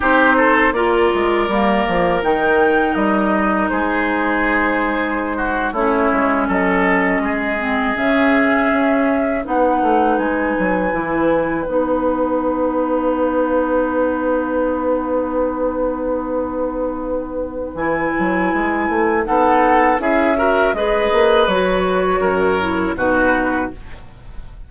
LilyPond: <<
  \new Staff \with { instrumentName = "flute" } { \time 4/4 \tempo 4 = 81 c''4 d''2 g''4 | dis''4 c''2~ c''8. cis''16~ | cis''8. dis''2 e''4~ e''16~ | e''8. fis''4 gis''2 fis''16~ |
fis''1~ | fis''1 | gis''2 fis''4 e''4 | dis''4 cis''2 b'4 | }
  \new Staff \with { instrumentName = "oboe" } { \time 4/4 g'8 a'8 ais'2.~ | ais'4 gis'2~ gis'16 fis'8 e'16~ | e'8. a'4 gis'2~ gis'16~ | gis'8. b'2.~ b'16~ |
b'1~ | b'1~ | b'2 a'4 gis'8 ais'8 | b'2 ais'4 fis'4 | }
  \new Staff \with { instrumentName = "clarinet" } { \time 4/4 dis'4 f'4 ais4 dis'4~ | dis'2.~ dis'8. cis'16~ | cis'2~ cis'16 c'8 cis'4~ cis'16~ | cis'8. dis'2 e'4 dis'16~ |
dis'1~ | dis'1 | e'2 dis'4 e'8 fis'8 | gis'4 fis'4. e'8 dis'4 | }
  \new Staff \with { instrumentName = "bassoon" } { \time 4/4 c'4 ais8 gis8 g8 f8 dis4 | g4 gis2~ gis8. a16~ | a16 gis8 fis4 gis4 cis4 cis'16~ | cis'8. b8 a8 gis8 fis8 e4 b16~ |
b1~ | b1 | e8 fis8 gis8 a8 b4 cis'4 | gis8 ais8 fis4 fis,4 b,4 | }
>>